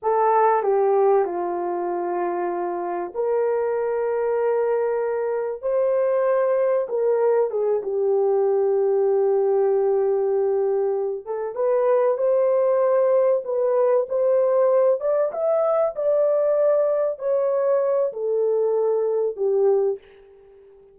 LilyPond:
\new Staff \with { instrumentName = "horn" } { \time 4/4 \tempo 4 = 96 a'4 g'4 f'2~ | f'4 ais'2.~ | ais'4 c''2 ais'4 | gis'8 g'2.~ g'8~ |
g'2 a'8 b'4 c''8~ | c''4. b'4 c''4. | d''8 e''4 d''2 cis''8~ | cis''4 a'2 g'4 | }